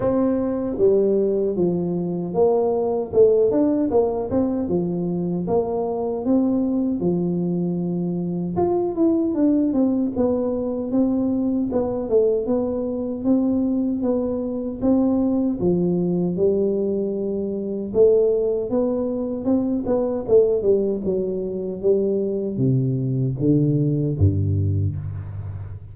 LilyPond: \new Staff \with { instrumentName = "tuba" } { \time 4/4 \tempo 4 = 77 c'4 g4 f4 ais4 | a8 d'8 ais8 c'8 f4 ais4 | c'4 f2 f'8 e'8 | d'8 c'8 b4 c'4 b8 a8 |
b4 c'4 b4 c'4 | f4 g2 a4 | b4 c'8 b8 a8 g8 fis4 | g4 c4 d4 g,4 | }